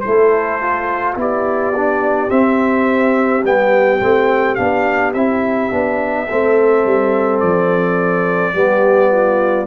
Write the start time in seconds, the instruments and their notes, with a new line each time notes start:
0.00 trombone E4, horn A4, trumpet C5
0.07 tuba A3
0.61 trombone F4
1.15 tuba B3, trombone E4, horn G4, trumpet D5
1.76 trombone D4
2.28 trombone C4, tuba C4, trumpet E5
3.43 tuba G3, trombone B3, trumpet G5
4.00 tuba A3, trombone C4
4.55 tuba B3, trombone D4, trumpet F5
5.13 tuba C4, trombone E4, trumpet E5
5.70 tuba B3, trombone D4
6.28 tuba A3, trombone C4, horn A4
6.85 tuba G3
7.39 tuba F3, trumpet D5
8.53 tuba G3, trombone B3, horn G4
9.11 horn F4